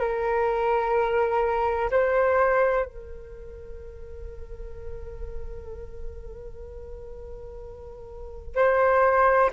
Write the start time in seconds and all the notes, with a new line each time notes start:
0.00 A#4
1.91 C5
2.86 A#4
8.56 C5